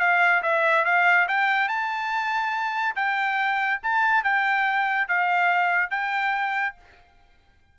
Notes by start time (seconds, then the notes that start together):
0.00 F5
0.43 E5
0.85 F5
1.28 G5
1.69 A5
2.96 G5
3.83 A5
4.24 G5
5.08 F5
5.91 G5